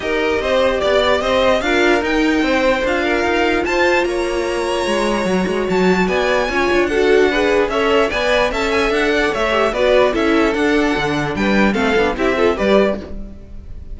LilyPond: <<
  \new Staff \with { instrumentName = "violin" } { \time 4/4 \tempo 4 = 148 dis''2 d''4 dis''4 | f''4 g''2 f''4~ | f''4 a''4 ais''2~ | ais''2 a''4 gis''4~ |
gis''4 fis''2 e''4 | gis''4 a''8 gis''8 fis''4 e''4 | d''4 e''4 fis''2 | g''4 f''4 e''4 d''4 | }
  \new Staff \with { instrumentName = "violin" } { \time 4/4 ais'4 c''4 d''4 c''4 | ais'2 c''4. ais'8~ | ais'4 c''4 cis''2~ | cis''2. d''4 |
cis''4 a'4 b'4 cis''4 | d''4 e''4. d''8 cis''4 | b'4 a'2. | b'4 a'4 g'8 a'8 b'4 | }
  \new Staff \with { instrumentName = "viola" } { \time 4/4 g'1 | f'4 dis'2 f'4~ | f'1~ | f'4 fis'2. |
f'4 fis'4 gis'4 a'4 | b'4 a'2~ a'8 g'8 | fis'4 e'4 d'2~ | d'4 c'8 d'8 e'8 f'8 g'4 | }
  \new Staff \with { instrumentName = "cello" } { \time 4/4 dis'4 c'4 b4 c'4 | d'4 dis'4 c'4 d'4 | dis'4 f'4 ais2 | gis4 fis8 gis8 fis4 b4 |
cis'8 d'2~ d'8 cis'4 | b4 cis'4 d'4 a4 | b4 cis'4 d'4 d4 | g4 a8 b8 c'4 g4 | }
>>